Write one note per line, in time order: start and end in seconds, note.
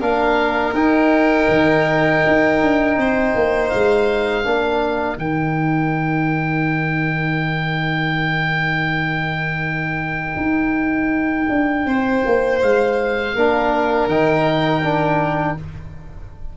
0.00 0.73 A#3
0.00 0.74 D4
0.00 2.97 A#4
0.00 0.74 F5
0.73 1.47 D#4
0.73 4.44 D#4
0.73 3.69 G5
1.48 2.22 D#3
2.27 2.62 D#4
2.62 2.97 D4
2.97 3.34 C4
2.97 4.44 C5
3.35 3.72 A#3
3.69 4.45 G#3
3.69 5.17 F5
4.44 5.17 A#3
4.44 5.17 D4
4.44 11.85 A#4
5.17 10.35 D#3
5.17 13.32 D#4
5.17 12.59 G5
10.36 11.48 D#4
11.49 11.86 D4
11.86 12.23 C4
11.86 13.34 C5
12.26 12.62 A#3
12.62 13.35 G#3
12.62 14.09 F5
13.34 14.07 A#3
13.34 14.09 D4
13.34 15.56 A#4
14.07 15.55 D#3
14.07 14.82 D#4
14.07 15.57 G5
14.82 15.56 D4